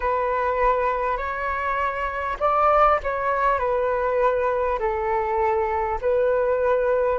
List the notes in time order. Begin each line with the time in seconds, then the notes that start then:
0.00 B4
1.17 C#5
2.39 D5
3.03 C#5
3.58 B4
4.79 A4
6.01 B4